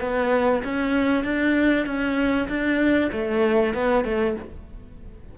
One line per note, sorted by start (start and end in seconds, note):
0.00 0.62 B3
0.64 1.24 C#4
1.24 1.86 D4
1.86 2.48 C#4
2.48 3.10 D4
3.12 3.74 A3
3.74 4.04 B3
4.04 4.35 A3